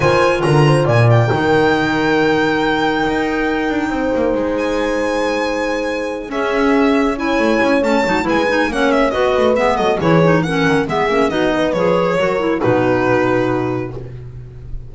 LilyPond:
<<
  \new Staff \with { instrumentName = "violin" } { \time 4/4 \tempo 4 = 138 gis''4 ais''4 gis''8 g''4.~ | g''1~ | g''2~ g''8 gis''4.~ | gis''2~ gis''8 e''4.~ |
e''8 gis''4. a''4 gis''4 | fis''8 e''8 dis''4 e''8 dis''8 cis''4 | fis''4 e''4 dis''4 cis''4~ | cis''4 b'2. | }
  \new Staff \with { instrumentName = "horn" } { \time 4/4 c''4 ais'8 c''8 d''4 ais'4~ | ais'1~ | ais'4 c''2.~ | c''2~ c''8 gis'4.~ |
gis'8 cis''2~ cis''8 b'4 | cis''4 b'4. a'8 gis'4 | ais'4 gis'4 fis'8 b'4. | ais'4 fis'2. | }
  \new Staff \with { instrumentName = "clarinet" } { \time 4/4 f'2. dis'4~ | dis'1~ | dis'1~ | dis'2~ dis'8 cis'4.~ |
cis'8 e'4. cis'8 dis'8 e'8 dis'8 | cis'4 fis'4 b4 e'8 dis'8 | cis'4 b8 cis'8 dis'4 gis'4 | fis'8 e'8 dis'2. | }
  \new Staff \with { instrumentName = "double bass" } { \time 4/4 dis4 d4 ais,4 dis4~ | dis2. dis'4~ | dis'8 d'8 c'8 ais8 gis2~ | gis2~ gis8 cis'4.~ |
cis'4 a8 cis'8 a8 fis8 gis4 | ais4 b8 a8 gis8 fis8 e4~ | e8 dis8 gis8 ais8 b4 f4 | fis4 b,2. | }
>>